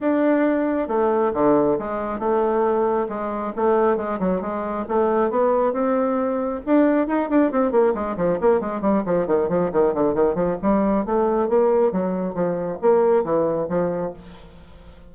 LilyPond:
\new Staff \with { instrumentName = "bassoon" } { \time 4/4 \tempo 4 = 136 d'2 a4 d4 | gis4 a2 gis4 | a4 gis8 fis8 gis4 a4 | b4 c'2 d'4 |
dis'8 d'8 c'8 ais8 gis8 f8 ais8 gis8 | g8 f8 dis8 f8 dis8 d8 dis8 f8 | g4 a4 ais4 fis4 | f4 ais4 e4 f4 | }